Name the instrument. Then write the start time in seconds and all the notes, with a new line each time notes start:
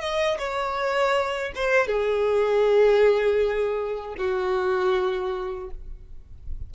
violin
0.00 D#5
0.38 C#5
1.55 C5
1.87 G#4
4.18 F#4